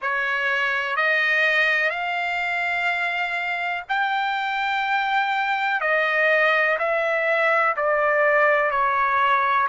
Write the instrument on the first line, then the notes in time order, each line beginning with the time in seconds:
trumpet
0.01 C#5
0.96 D#5
1.90 F5
3.88 G5
5.80 D#5
6.78 E5
7.76 D5
8.71 C#5